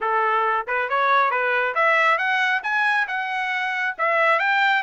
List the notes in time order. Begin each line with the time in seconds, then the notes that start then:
0.00 A4
0.67 B4
0.89 C#5
1.30 B4
1.75 E5
2.17 F#5
2.63 G#5
3.07 F#5
3.98 E5
4.39 G5